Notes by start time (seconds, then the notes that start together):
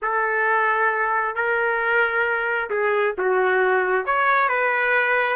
0.02 A4
1.35 A#4
2.69 G#4
3.18 F#4
4.05 C#5
4.48 B4